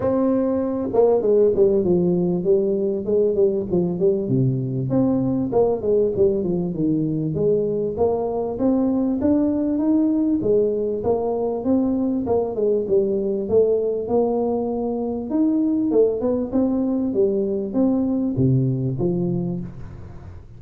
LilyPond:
\new Staff \with { instrumentName = "tuba" } { \time 4/4 \tempo 4 = 98 c'4. ais8 gis8 g8 f4 | g4 gis8 g8 f8 g8 c4 | c'4 ais8 gis8 g8 f8 dis4 | gis4 ais4 c'4 d'4 |
dis'4 gis4 ais4 c'4 | ais8 gis8 g4 a4 ais4~ | ais4 dis'4 a8 b8 c'4 | g4 c'4 c4 f4 | }